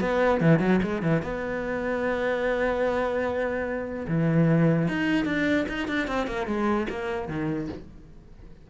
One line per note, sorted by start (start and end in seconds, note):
0.00 0.40 B3
0.40 0.59 E3
0.59 0.79 F#3
0.82 1.02 G#3
1.02 1.22 E3
1.22 4.06 B3
4.07 4.88 E3
4.88 5.25 D#4
5.25 5.65 D4
5.68 5.87 D#4
5.87 6.07 D4
6.07 6.26 C4
6.26 6.46 A#3
6.46 6.87 G#3
6.89 7.28 A#3
7.28 7.68 D#3